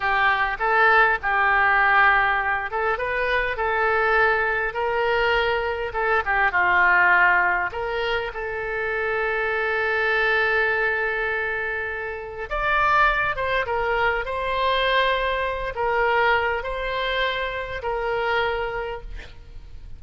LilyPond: \new Staff \with { instrumentName = "oboe" } { \time 4/4 \tempo 4 = 101 g'4 a'4 g'2~ | g'8 a'8 b'4 a'2 | ais'2 a'8 g'8 f'4~ | f'4 ais'4 a'2~ |
a'1~ | a'4 d''4. c''8 ais'4 | c''2~ c''8 ais'4. | c''2 ais'2 | }